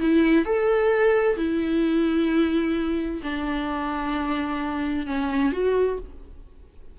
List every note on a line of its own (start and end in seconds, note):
0.00 0.46 E4
0.46 1.37 A4
1.37 3.22 E4
3.23 5.06 D4
5.06 5.53 C#4
5.53 5.99 F#4